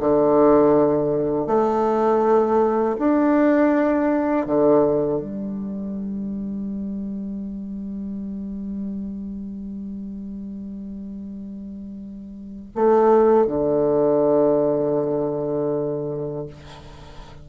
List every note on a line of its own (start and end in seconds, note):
0.00 1.47 D3
1.47 2.97 A3
2.99 4.47 D4
4.47 5.21 D3
5.21 12.71 G3
12.75 13.47 A3
13.47 16.47 D3